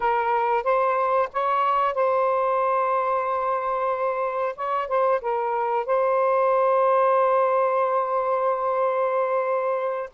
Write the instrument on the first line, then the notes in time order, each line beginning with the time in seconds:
saxophone
0.00 A#4
0.63 C5
1.32 C#5
1.94 C5
4.55 C#5
4.88 C5
5.21 A#4
5.86 C5